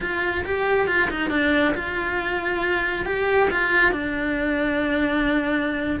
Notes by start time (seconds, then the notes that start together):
0.00 F4
0.44 G4
0.87 F4
1.10 D#4
1.30 D4
1.74 F4
3.05 G4
3.50 F4
3.92 D4